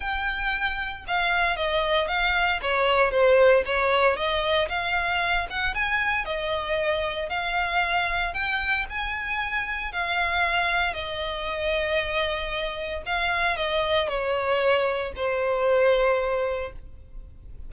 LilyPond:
\new Staff \with { instrumentName = "violin" } { \time 4/4 \tempo 4 = 115 g''2 f''4 dis''4 | f''4 cis''4 c''4 cis''4 | dis''4 f''4. fis''8 gis''4 | dis''2 f''2 |
g''4 gis''2 f''4~ | f''4 dis''2.~ | dis''4 f''4 dis''4 cis''4~ | cis''4 c''2. | }